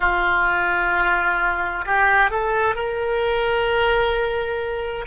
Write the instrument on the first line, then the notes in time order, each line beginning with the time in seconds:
oboe
0.00 F4
1.85 G4
2.30 A4
2.74 A#4